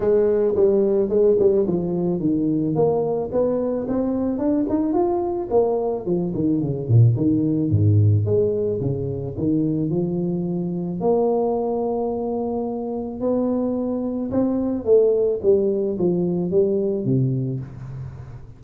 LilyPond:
\new Staff \with { instrumentName = "tuba" } { \time 4/4 \tempo 4 = 109 gis4 g4 gis8 g8 f4 | dis4 ais4 b4 c'4 | d'8 dis'8 f'4 ais4 f8 dis8 | cis8 ais,8 dis4 gis,4 gis4 |
cis4 dis4 f2 | ais1 | b2 c'4 a4 | g4 f4 g4 c4 | }